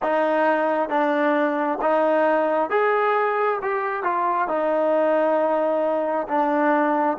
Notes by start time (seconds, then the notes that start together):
0.02 D#4
0.89 D4
1.81 D#4
2.69 G#4
3.61 G4
4.03 F4
4.48 D#4
6.28 D4